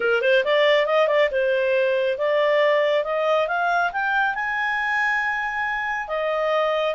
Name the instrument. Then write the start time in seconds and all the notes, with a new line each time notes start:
clarinet
0.00 A#4
0.21 C5
0.44 D5
0.86 D#5
1.07 D5
1.31 C5
2.18 D5
3.04 D#5
3.47 F5
3.92 G5
4.35 G#5
6.08 D#5